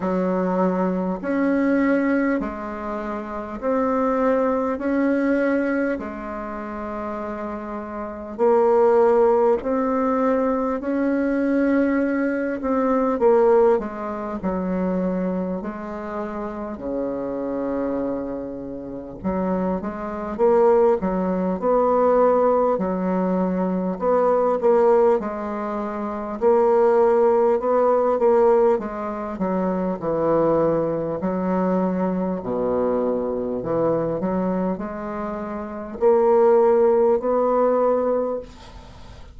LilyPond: \new Staff \with { instrumentName = "bassoon" } { \time 4/4 \tempo 4 = 50 fis4 cis'4 gis4 c'4 | cis'4 gis2 ais4 | c'4 cis'4. c'8 ais8 gis8 | fis4 gis4 cis2 |
fis8 gis8 ais8 fis8 b4 fis4 | b8 ais8 gis4 ais4 b8 ais8 | gis8 fis8 e4 fis4 b,4 | e8 fis8 gis4 ais4 b4 | }